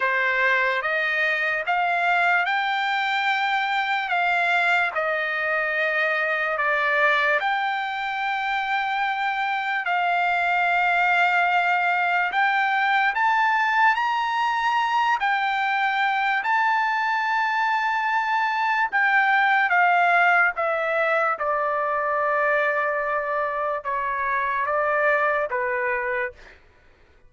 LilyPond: \new Staff \with { instrumentName = "trumpet" } { \time 4/4 \tempo 4 = 73 c''4 dis''4 f''4 g''4~ | g''4 f''4 dis''2 | d''4 g''2. | f''2. g''4 |
a''4 ais''4. g''4. | a''2. g''4 | f''4 e''4 d''2~ | d''4 cis''4 d''4 b'4 | }